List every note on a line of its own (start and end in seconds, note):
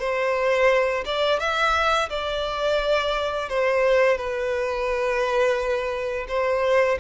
0.00 1.05 C5
1.06 1.40 D5
1.40 2.09 E5
2.10 3.49 D5
3.49 4.18 C5
4.18 6.27 B4
6.29 6.98 C5